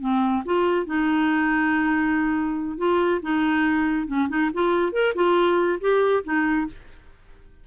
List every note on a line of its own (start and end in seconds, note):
0.00 0.43 C4
0.45 0.86 F4
0.86 2.77 D#4
2.77 3.20 F4
3.21 4.07 D#4
4.07 4.28 C#4
4.29 4.50 D#4
4.53 4.92 F4
4.92 5.13 A#4
5.14 5.79 F4
5.80 6.23 G4
6.24 6.66 D#4